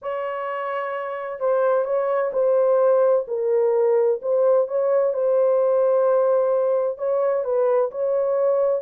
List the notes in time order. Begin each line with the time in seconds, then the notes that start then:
0.02 C#5
1.40 C5
1.84 C#5
2.32 C5
3.27 A#4
4.21 C5
4.67 C#5
5.13 C5
6.98 C#5
7.44 B4
7.91 C#5